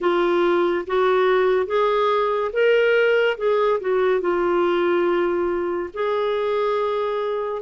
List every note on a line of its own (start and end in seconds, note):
0.00 0.85 F4
0.86 1.66 F#4
1.66 2.51 G#4
2.52 3.37 A#4
3.37 3.80 G#4
3.80 4.21 F#4
4.21 5.90 F4
5.93 7.61 G#4